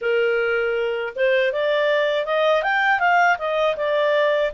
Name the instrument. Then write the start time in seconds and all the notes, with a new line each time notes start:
clarinet
0.01 A#4
1.15 C5
1.52 D5
2.25 D#5
2.62 G5
2.99 F5
3.38 D#5
3.76 D5